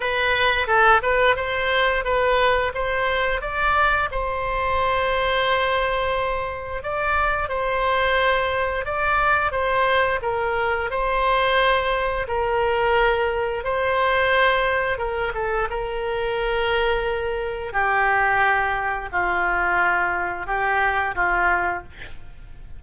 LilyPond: \new Staff \with { instrumentName = "oboe" } { \time 4/4 \tempo 4 = 88 b'4 a'8 b'8 c''4 b'4 | c''4 d''4 c''2~ | c''2 d''4 c''4~ | c''4 d''4 c''4 ais'4 |
c''2 ais'2 | c''2 ais'8 a'8 ais'4~ | ais'2 g'2 | f'2 g'4 f'4 | }